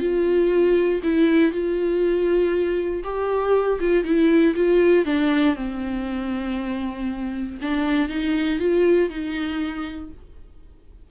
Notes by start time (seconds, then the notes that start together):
0.00 F4
1.03 E4
1.52 F4
3.03 G4
3.80 F4
4.04 E4
4.56 F4
5.05 D4
5.56 C4
7.62 D4
8.09 D#4
8.59 F4
9.09 D#4